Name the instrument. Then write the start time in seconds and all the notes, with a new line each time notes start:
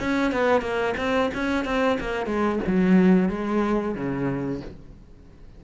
cello
0.00 C#4
0.32 B3
0.62 A#3
0.98 C4
1.35 C#4
1.65 C4
2.00 A#3
2.27 G#3
2.67 F#3
3.29 G#3
3.95 C#3